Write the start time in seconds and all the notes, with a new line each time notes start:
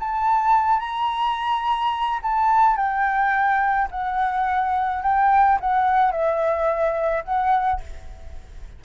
0.00 A5
0.80 A#5
2.23 A5
2.77 G5
3.92 F#5
5.03 G5
5.61 F#5
6.12 E5
7.25 F#5